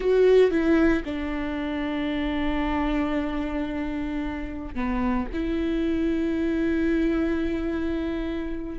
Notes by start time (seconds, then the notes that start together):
0.00 F#4
0.51 E4
1.04 D4
4.74 B3
5.33 E4